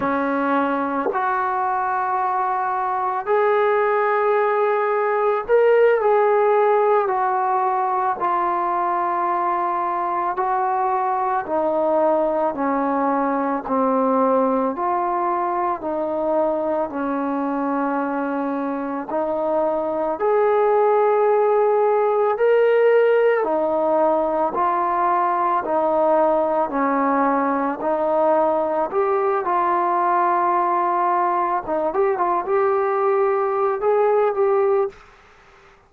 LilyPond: \new Staff \with { instrumentName = "trombone" } { \time 4/4 \tempo 4 = 55 cis'4 fis'2 gis'4~ | gis'4 ais'8 gis'4 fis'4 f'8~ | f'4. fis'4 dis'4 cis'8~ | cis'8 c'4 f'4 dis'4 cis'8~ |
cis'4. dis'4 gis'4.~ | gis'8 ais'4 dis'4 f'4 dis'8~ | dis'8 cis'4 dis'4 g'8 f'4~ | f'4 dis'16 g'16 f'16 g'4~ g'16 gis'8 g'8 | }